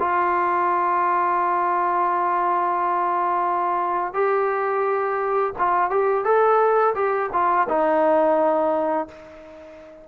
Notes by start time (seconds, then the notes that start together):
0.00 F4
4.14 G4
5.59 F4
5.91 G4
6.25 A4
6.95 G4
7.33 F4
7.69 D#4